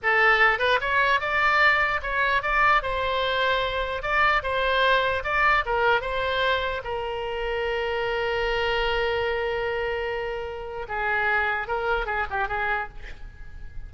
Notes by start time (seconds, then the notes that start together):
0.03 A4
0.58 B4
0.80 C#5
1.20 D5
2.02 C#5
2.42 D5
2.82 C5
4.02 D5
4.42 C5
5.23 D5
5.65 A#4
6.01 C5
6.83 A#4
10.88 G#4
11.67 A#4
12.06 G#4
12.30 G4
12.48 G#4